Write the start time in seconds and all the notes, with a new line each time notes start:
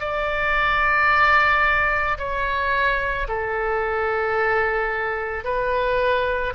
0.00 D5
2.19 C#5
3.28 A4
5.44 B4